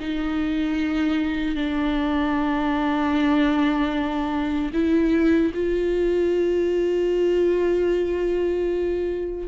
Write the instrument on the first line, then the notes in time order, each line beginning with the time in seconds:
viola
0.00 D#4
1.56 D4
4.74 E4
5.54 F4